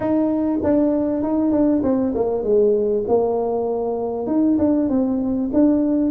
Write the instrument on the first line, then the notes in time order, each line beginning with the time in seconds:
tuba
0.00 D#4
0.63 D4
1.22 D#4
1.51 D4
1.83 C4
2.14 A#3
2.43 G#3
3.08 A#3
4.27 D#4
4.58 D4
4.89 C4
5.53 D4